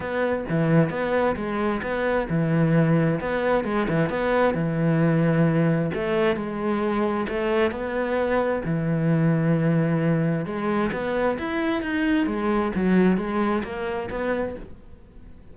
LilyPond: \new Staff \with { instrumentName = "cello" } { \time 4/4 \tempo 4 = 132 b4 e4 b4 gis4 | b4 e2 b4 | gis8 e8 b4 e2~ | e4 a4 gis2 |
a4 b2 e4~ | e2. gis4 | b4 e'4 dis'4 gis4 | fis4 gis4 ais4 b4 | }